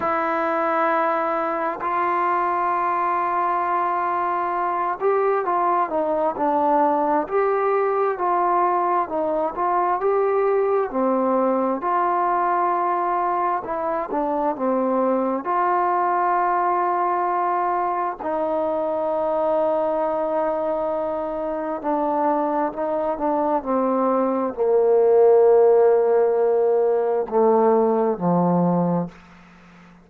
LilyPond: \new Staff \with { instrumentName = "trombone" } { \time 4/4 \tempo 4 = 66 e'2 f'2~ | f'4. g'8 f'8 dis'8 d'4 | g'4 f'4 dis'8 f'8 g'4 | c'4 f'2 e'8 d'8 |
c'4 f'2. | dis'1 | d'4 dis'8 d'8 c'4 ais4~ | ais2 a4 f4 | }